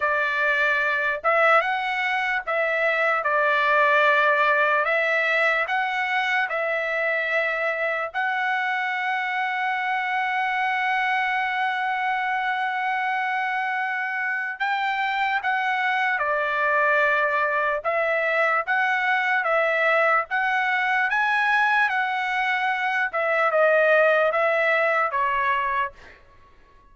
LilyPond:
\new Staff \with { instrumentName = "trumpet" } { \time 4/4 \tempo 4 = 74 d''4. e''8 fis''4 e''4 | d''2 e''4 fis''4 | e''2 fis''2~ | fis''1~ |
fis''2 g''4 fis''4 | d''2 e''4 fis''4 | e''4 fis''4 gis''4 fis''4~ | fis''8 e''8 dis''4 e''4 cis''4 | }